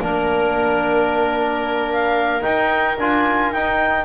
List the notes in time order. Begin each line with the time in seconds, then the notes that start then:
0.00 A#3 D4 A#4
1.92 F5
2.41 D#4 G5
2.98 D4 F4 G#5
3.52 D#4 G5